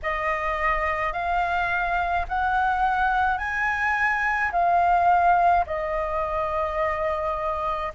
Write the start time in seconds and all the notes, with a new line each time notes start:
0.02 D#5
1.13 F5
2.28 F#5
3.38 G#5
4.51 F5
5.66 D#5